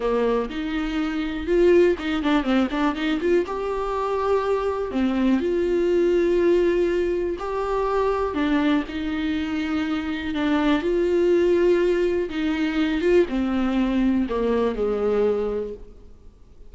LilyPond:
\new Staff \with { instrumentName = "viola" } { \time 4/4 \tempo 4 = 122 ais4 dis'2 f'4 | dis'8 d'8 c'8 d'8 dis'8 f'8 g'4~ | g'2 c'4 f'4~ | f'2. g'4~ |
g'4 d'4 dis'2~ | dis'4 d'4 f'2~ | f'4 dis'4. f'8 c'4~ | c'4 ais4 gis2 | }